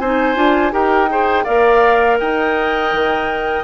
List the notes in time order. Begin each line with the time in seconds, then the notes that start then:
0.00 C4 D#4 C5 G#5
0.35 D4 F4
0.72 D#4 G4 A#4 G5
1.10 G#4 C5
1.44 A#3 A#4 D5 F5
2.20 D#4 D#5 G5
2.93 D#3